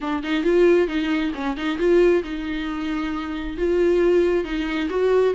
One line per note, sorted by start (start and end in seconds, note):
0.00 0.23 D4
0.23 0.43 D#4
0.43 0.87 F4
0.87 1.32 D#4
1.34 1.57 C#4
1.57 1.78 D#4
1.78 2.22 F4
2.23 3.57 D#4
3.57 4.44 F4
4.44 4.88 D#4
4.89 5.34 F#4